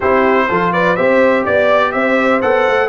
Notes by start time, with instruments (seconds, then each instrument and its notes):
0.00 tuba C4, trombone E4, horn G4, trumpet C5
0.49 tuba F3, trombone F4, horn A4
0.72 horn B4, trumpet D5
0.95 tuba C4, trombone G4, horn C5, trumpet E5
1.44 tuba B3, horn D5, trumpet D5
1.91 tuba C4, horn C5, trumpet E5
2.41 tuba B3, trombone A4, trumpet F#5
2.67 tuba A3